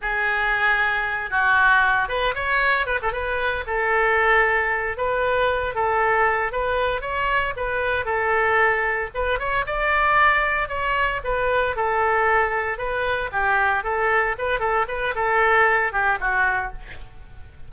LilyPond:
\new Staff \with { instrumentName = "oboe" } { \time 4/4 \tempo 4 = 115 gis'2~ gis'8 fis'4. | b'8 cis''4 b'16 a'16 b'4 a'4~ | a'4. b'4. a'4~ | a'8 b'4 cis''4 b'4 a'8~ |
a'4. b'8 cis''8 d''4.~ | d''8 cis''4 b'4 a'4.~ | a'8 b'4 g'4 a'4 b'8 | a'8 b'8 a'4. g'8 fis'4 | }